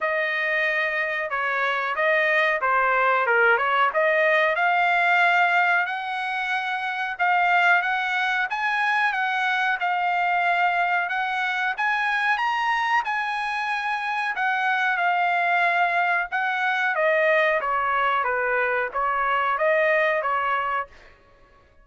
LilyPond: \new Staff \with { instrumentName = "trumpet" } { \time 4/4 \tempo 4 = 92 dis''2 cis''4 dis''4 | c''4 ais'8 cis''8 dis''4 f''4~ | f''4 fis''2 f''4 | fis''4 gis''4 fis''4 f''4~ |
f''4 fis''4 gis''4 ais''4 | gis''2 fis''4 f''4~ | f''4 fis''4 dis''4 cis''4 | b'4 cis''4 dis''4 cis''4 | }